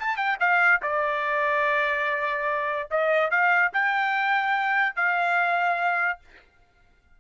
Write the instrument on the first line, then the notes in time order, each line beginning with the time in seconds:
trumpet
0.00 A5
0.17 G5
0.40 F5
0.82 D5
2.91 D#5
3.31 F5
3.73 G5
4.96 F5